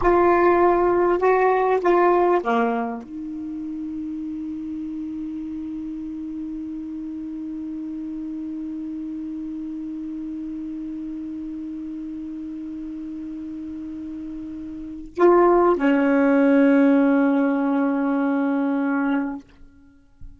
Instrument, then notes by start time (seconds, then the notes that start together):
saxophone
0.01 F4
1.18 F#4
1.81 F4
2.43 A#3
3.02 D#4
15.15 F4
15.75 C#4